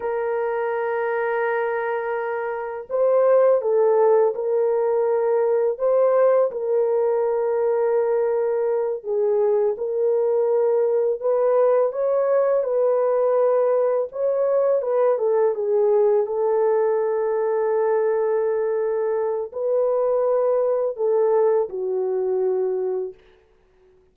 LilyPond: \new Staff \with { instrumentName = "horn" } { \time 4/4 \tempo 4 = 83 ais'1 | c''4 a'4 ais'2 | c''4 ais'2.~ | ais'8 gis'4 ais'2 b'8~ |
b'8 cis''4 b'2 cis''8~ | cis''8 b'8 a'8 gis'4 a'4.~ | a'2. b'4~ | b'4 a'4 fis'2 | }